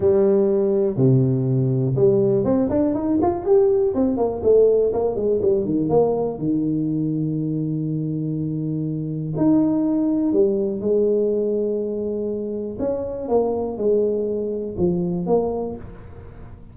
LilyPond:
\new Staff \with { instrumentName = "tuba" } { \time 4/4 \tempo 4 = 122 g2 c2 | g4 c'8 d'8 dis'8 f'8 g'4 | c'8 ais8 a4 ais8 gis8 g8 dis8 | ais4 dis2.~ |
dis2. dis'4~ | dis'4 g4 gis2~ | gis2 cis'4 ais4 | gis2 f4 ais4 | }